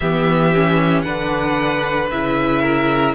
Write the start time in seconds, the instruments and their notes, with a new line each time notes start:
0.00 cello E3, viola B3, violin G4 E5
0.54 viola C#4
1.02 cello D3, viola D4, violin B4 F#5
2.11 cello C#3, viola E4, violin E5
2.61 violin A#4